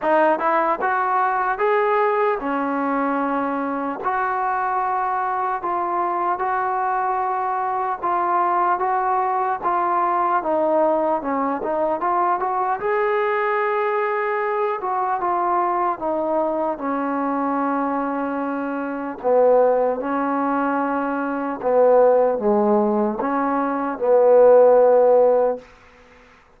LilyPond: \new Staff \with { instrumentName = "trombone" } { \time 4/4 \tempo 4 = 75 dis'8 e'8 fis'4 gis'4 cis'4~ | cis'4 fis'2 f'4 | fis'2 f'4 fis'4 | f'4 dis'4 cis'8 dis'8 f'8 fis'8 |
gis'2~ gis'8 fis'8 f'4 | dis'4 cis'2. | b4 cis'2 b4 | gis4 cis'4 b2 | }